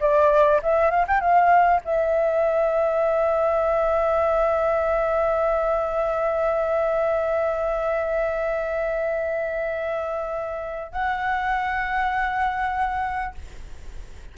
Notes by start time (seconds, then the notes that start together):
0.00 D5
0.63 E5
0.91 F5
1.07 G5
1.20 F5
1.85 E5
10.92 F#5